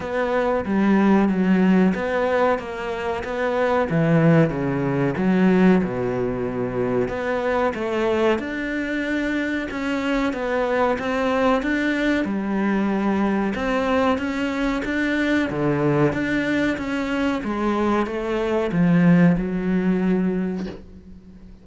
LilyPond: \new Staff \with { instrumentName = "cello" } { \time 4/4 \tempo 4 = 93 b4 g4 fis4 b4 | ais4 b4 e4 cis4 | fis4 b,2 b4 | a4 d'2 cis'4 |
b4 c'4 d'4 g4~ | g4 c'4 cis'4 d'4 | d4 d'4 cis'4 gis4 | a4 f4 fis2 | }